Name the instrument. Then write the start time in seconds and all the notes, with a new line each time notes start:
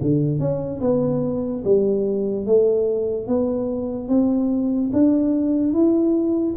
tuba
0.00 D3
0.39 C#4
0.81 B3
1.64 G3
2.45 A3
3.27 B3
4.08 C4
4.92 D4
5.73 E4